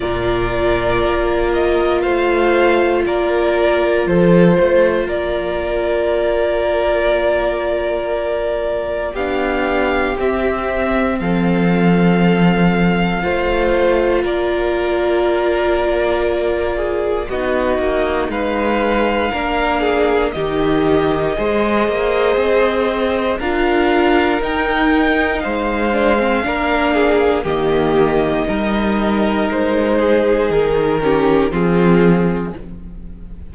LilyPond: <<
  \new Staff \with { instrumentName = "violin" } { \time 4/4 \tempo 4 = 59 d''4. dis''8 f''4 d''4 | c''4 d''2.~ | d''4 f''4 e''4 f''4~ | f''2 d''2~ |
d''4 dis''4 f''2 | dis''2. f''4 | g''4 f''2 dis''4~ | dis''4 c''4 ais'4 gis'4 | }
  \new Staff \with { instrumentName = "violin" } { \time 4/4 ais'2 c''4 ais'4 | a'8 c''8 ais'2.~ | ais'4 g'2 a'4~ | a'4 c''4 ais'2~ |
ais'8 gis'8 fis'4 b'4 ais'8 gis'8 | g'4 c''2 ais'4~ | ais'4 c''4 ais'8 gis'8 g'4 | ais'4. gis'4 g'8 f'4 | }
  \new Staff \with { instrumentName = "viola" } { \time 4/4 f'1~ | f'1~ | f'4 d'4 c'2~ | c'4 f'2.~ |
f'4 dis'2 d'4 | dis'4 gis'2 f'4 | dis'4. d'16 c'16 d'4 ais4 | dis'2~ dis'8 cis'8 c'4 | }
  \new Staff \with { instrumentName = "cello" } { \time 4/4 ais,4 ais4 a4 ais4 | f8 a8 ais2.~ | ais4 b4 c'4 f4~ | f4 a4 ais2~ |
ais4 b8 ais8 gis4 ais4 | dis4 gis8 ais8 c'4 d'4 | dis'4 gis4 ais4 dis4 | g4 gis4 dis4 f4 | }
>>